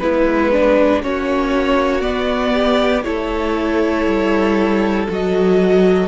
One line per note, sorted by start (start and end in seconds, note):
0.00 1.03 G#3
0.00 1.03 B3
0.00 0.53 E4
0.00 1.02 B4
0.53 1.03 D4
1.03 2.04 A#3
1.03 2.02 C#4
1.03 2.54 F#4
1.03 2.01 C#5
2.01 3.04 B3
2.01 3.06 B3
2.01 3.03 D5
2.54 3.05 G4
3.03 4.06 A3
3.03 5.08 E4
3.03 6.08 A4
3.03 5.07 C#5
4.06 5.08 G3
5.08 6.08 F#3
5.08 6.08 F#4
5.08 6.08 D#5